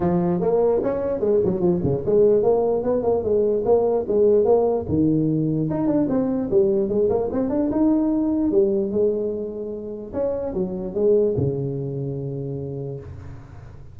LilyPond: \new Staff \with { instrumentName = "tuba" } { \time 4/4 \tempo 4 = 148 f4 ais4 cis'4 gis8 fis8 | f8 cis8 gis4 ais4 b8 ais8 | gis4 ais4 gis4 ais4 | dis2 dis'8 d'8 c'4 |
g4 gis8 ais8 c'8 d'8 dis'4~ | dis'4 g4 gis2~ | gis4 cis'4 fis4 gis4 | cis1 | }